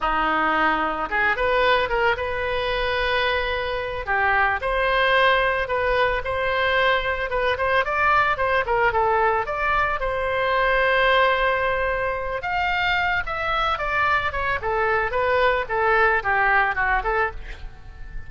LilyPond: \new Staff \with { instrumentName = "oboe" } { \time 4/4 \tempo 4 = 111 dis'2 gis'8 b'4 ais'8 | b'2.~ b'8 g'8~ | g'8 c''2 b'4 c''8~ | c''4. b'8 c''8 d''4 c''8 |
ais'8 a'4 d''4 c''4.~ | c''2. f''4~ | f''8 e''4 d''4 cis''8 a'4 | b'4 a'4 g'4 fis'8 a'8 | }